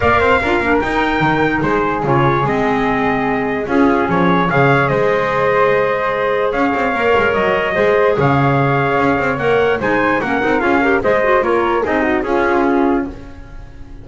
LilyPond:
<<
  \new Staff \with { instrumentName = "trumpet" } { \time 4/4 \tempo 4 = 147 f''2 g''2 | c''4 cis''4 dis''2~ | dis''4 gis'4 cis''4 f''4 | dis''1 |
f''2 dis''2 | f''2. fis''4 | gis''4 fis''4 f''4 dis''4 | cis''4 dis''4 gis'2 | }
  \new Staff \with { instrumentName = "flute" } { \time 4/4 d''8 c''8 ais'2. | gis'1~ | gis'4 f'4 gis'4 cis''4 | c''1 |
cis''2. c''4 | cis''1 | c''4 ais'4 gis'8 ais'8 c''4 | ais'4 gis'8 fis'8 f'2 | }
  \new Staff \with { instrumentName = "clarinet" } { \time 4/4 ais'4 f'8 d'8 dis'2~ | dis'4 f'4 c'2~ | c'4 cis'2 gis'4~ | gis'1~ |
gis'4 ais'2 gis'4~ | gis'2. ais'4 | dis'4 cis'8 dis'8 f'8 g'8 gis'8 fis'8 | f'4 dis'4 cis'2 | }
  \new Staff \with { instrumentName = "double bass" } { \time 4/4 ais8 c'8 d'8 ais8 dis'4 dis4 | gis4 cis4 gis2~ | gis4 cis'4 f4 cis4 | gis1 |
cis'8 c'8 ais8 gis8 fis4 gis4 | cis2 cis'8 c'8 ais4 | gis4 ais8 c'8 cis'4 gis4 | ais4 c'4 cis'2 | }
>>